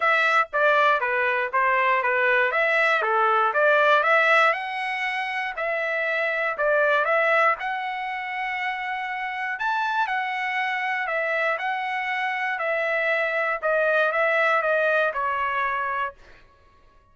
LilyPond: \new Staff \with { instrumentName = "trumpet" } { \time 4/4 \tempo 4 = 119 e''4 d''4 b'4 c''4 | b'4 e''4 a'4 d''4 | e''4 fis''2 e''4~ | e''4 d''4 e''4 fis''4~ |
fis''2. a''4 | fis''2 e''4 fis''4~ | fis''4 e''2 dis''4 | e''4 dis''4 cis''2 | }